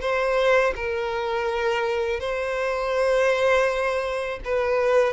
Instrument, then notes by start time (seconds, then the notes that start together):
violin
0.00 C5
0.75 A#4
2.20 C5
4.44 B4